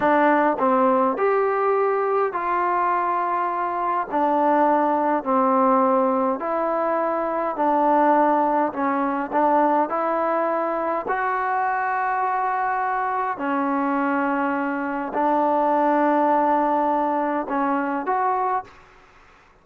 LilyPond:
\new Staff \with { instrumentName = "trombone" } { \time 4/4 \tempo 4 = 103 d'4 c'4 g'2 | f'2. d'4~ | d'4 c'2 e'4~ | e'4 d'2 cis'4 |
d'4 e'2 fis'4~ | fis'2. cis'4~ | cis'2 d'2~ | d'2 cis'4 fis'4 | }